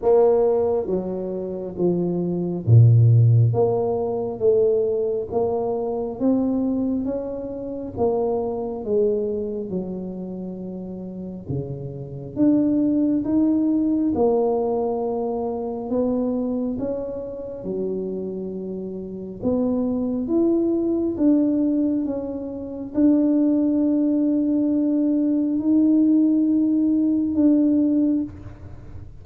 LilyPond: \new Staff \with { instrumentName = "tuba" } { \time 4/4 \tempo 4 = 68 ais4 fis4 f4 ais,4 | ais4 a4 ais4 c'4 | cis'4 ais4 gis4 fis4~ | fis4 cis4 d'4 dis'4 |
ais2 b4 cis'4 | fis2 b4 e'4 | d'4 cis'4 d'2~ | d'4 dis'2 d'4 | }